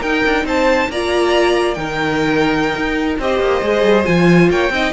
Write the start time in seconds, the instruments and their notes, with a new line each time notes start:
0.00 cello D#4, viola D#4, violin A#4 G5
0.26 cello D4
0.44 cello C4, violin C5 A5
0.89 cello A#3, viola F4, violin D5 A#5
1.74 cello D#3, viola D#4, violin A#4 G5
2.77 cello D#4
3.19 cello C4, viola G4, violin C5 D#5
3.40 cello A#3
3.62 cello G#3, viola G#4
3.83 cello G3
4.05 cello F3, viola F4, violin G#5
4.50 cello A#3, violin C#5 G5
4.69 cello C4, viola D#4, violin D#5